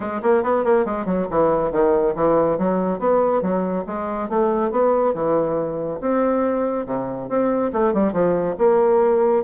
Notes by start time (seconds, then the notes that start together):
0.00 G#3
0.22 A#3
0.43 B3
0.64 A#3
0.85 G#3
1.05 F#3
1.30 E3
1.71 D#3
2.15 E3
2.58 F#3
2.99 B3
3.41 F#3
3.86 G#3
4.29 A3
4.71 B3
5.14 E3
6.01 C4
6.86 C3
7.28 C4
7.72 A3
7.93 G3
8.13 F3
8.58 A#3